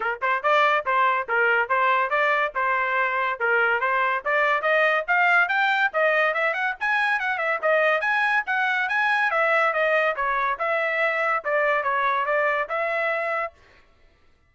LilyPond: \new Staff \with { instrumentName = "trumpet" } { \time 4/4 \tempo 4 = 142 ais'8 c''8 d''4 c''4 ais'4 | c''4 d''4 c''2 | ais'4 c''4 d''4 dis''4 | f''4 g''4 dis''4 e''8 fis''8 |
gis''4 fis''8 e''8 dis''4 gis''4 | fis''4 gis''4 e''4 dis''4 | cis''4 e''2 d''4 | cis''4 d''4 e''2 | }